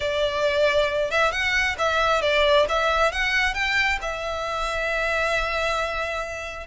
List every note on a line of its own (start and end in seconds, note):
0.00 1.11 D5
1.11 1.31 E5
1.31 1.76 F#5
1.78 2.21 E5
2.21 2.66 D5
2.68 3.12 E5
3.12 3.54 F#5
3.54 3.98 G5
4.01 6.66 E5